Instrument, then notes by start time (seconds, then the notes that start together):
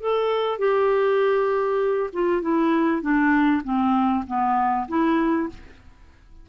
clarinet
0.00 A4
0.58 G4
2.13 F4
2.42 E4
3.01 D4
3.64 C4
4.27 B3
4.88 E4